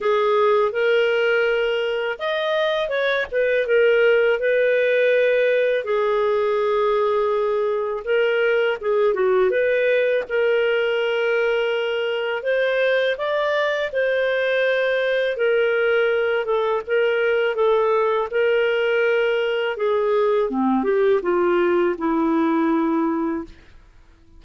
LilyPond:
\new Staff \with { instrumentName = "clarinet" } { \time 4/4 \tempo 4 = 82 gis'4 ais'2 dis''4 | cis''8 b'8 ais'4 b'2 | gis'2. ais'4 | gis'8 fis'8 b'4 ais'2~ |
ais'4 c''4 d''4 c''4~ | c''4 ais'4. a'8 ais'4 | a'4 ais'2 gis'4 | c'8 g'8 f'4 e'2 | }